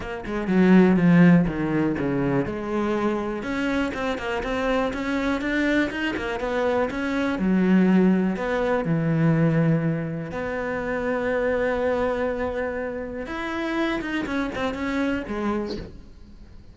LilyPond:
\new Staff \with { instrumentName = "cello" } { \time 4/4 \tempo 4 = 122 ais8 gis8 fis4 f4 dis4 | cis4 gis2 cis'4 | c'8 ais8 c'4 cis'4 d'4 | dis'8 ais8 b4 cis'4 fis4~ |
fis4 b4 e2~ | e4 b2.~ | b2. e'4~ | e'8 dis'8 cis'8 c'8 cis'4 gis4 | }